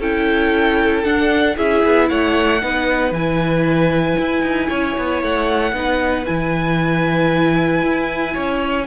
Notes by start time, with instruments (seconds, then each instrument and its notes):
0.00 cello C#4, viola E4, violin A4 G5
1.04 viola D4, cello D4, violin F#5
1.57 cello C#4, viola E4, violin G#4 E5
1.85 cello B3
2.09 cello A3, violin C#5 F#5
2.62 cello B3, viola D#4, violin B4
3.12 cello E3, viola E4, violin G#5
4.20 cello E4
4.43 cello D#4
4.70 cello C#4, violin C#5
4.98 cello B3
5.23 cello A3, violin F#5
5.73 cello B3, viola D#4, violin B4
6.26 cello E3, viola E4, violin G#5
7.82 cello E4
8.34 cello C#4, violin C#5